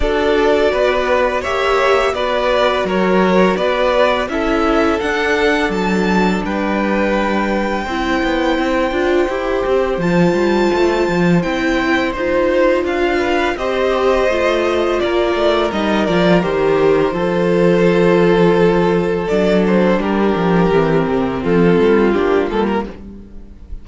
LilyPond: <<
  \new Staff \with { instrumentName = "violin" } { \time 4/4 \tempo 4 = 84 d''2 e''4 d''4 | cis''4 d''4 e''4 fis''4 | a''4 g''2.~ | g''2 a''2 |
g''4 c''4 f''4 dis''4~ | dis''4 d''4 dis''8 d''8 c''4~ | c''2. d''8 c''8 | ais'2 a'4 g'8 a'16 ais'16 | }
  \new Staff \with { instrumentName = "violin" } { \time 4/4 a'4 b'4 cis''4 b'4 | ais'4 b'4 a'2~ | a'4 b'2 c''4~ | c''1~ |
c''2~ c''8 b'8 c''4~ | c''4 ais'2. | a'1 | g'2 f'2 | }
  \new Staff \with { instrumentName = "viola" } { \time 4/4 fis'2 g'4 fis'4~ | fis'2 e'4 d'4~ | d'2. e'4~ | e'8 f'8 g'4 f'2 |
e'4 f'2 g'4 | f'2 dis'8 f'8 g'4 | f'2. d'4~ | d'4 c'2 d'8 ais8 | }
  \new Staff \with { instrumentName = "cello" } { \time 4/4 d'4 b4 ais4 b4 | fis4 b4 cis'4 d'4 | fis4 g2 c'8 b8 | c'8 d'8 e'8 c'8 f8 g8 a8 f8 |
c'4 dis'4 d'4 c'4 | a4 ais8 a8 g8 f8 dis4 | f2. fis4 | g8 f8 e8 c8 f8 g8 ais8 g8 | }
>>